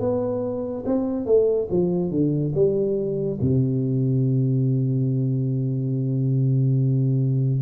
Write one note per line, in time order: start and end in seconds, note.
0.00 0.85 B3
0.86 1.26 C4
1.26 1.69 A3
1.71 2.11 F3
2.11 2.53 D3
2.55 3.40 G3
3.41 7.62 C3